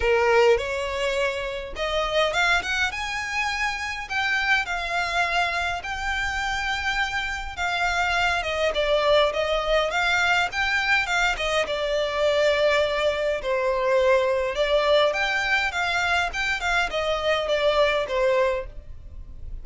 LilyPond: \new Staff \with { instrumentName = "violin" } { \time 4/4 \tempo 4 = 103 ais'4 cis''2 dis''4 | f''8 fis''8 gis''2 g''4 | f''2 g''2~ | g''4 f''4. dis''8 d''4 |
dis''4 f''4 g''4 f''8 dis''8 | d''2. c''4~ | c''4 d''4 g''4 f''4 | g''8 f''8 dis''4 d''4 c''4 | }